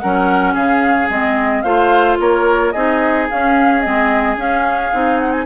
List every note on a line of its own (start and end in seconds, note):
0.00 0.55 F#3
0.00 1.10 C#4
0.00 0.54 A#4
0.00 0.55 F#5
0.54 1.09 C#3
0.54 1.63 G#4
0.54 1.10 F5
1.09 1.64 G#3
1.09 1.65 C4
1.09 1.62 D#5
1.62 2.19 A3
1.62 2.74 F4
1.62 2.19 C5
1.62 2.16 F5
2.20 2.75 A#3
2.20 2.73 A#4
2.20 2.72 C#5
2.72 3.30 C4
2.72 3.30 D#4
2.72 5.46 G#4
2.72 3.27 D#5
3.30 3.83 C#4
3.30 3.86 C#4
3.30 3.81 F5
3.81 4.37 G#3
3.81 4.37 C4
3.81 4.36 D#5
4.37 4.91 C#4
4.37 4.92 C#4
4.37 5.20 F5
4.93 5.46 C4
4.93 5.46 D#4
5.20 5.32 F#5
5.32 5.46 G#5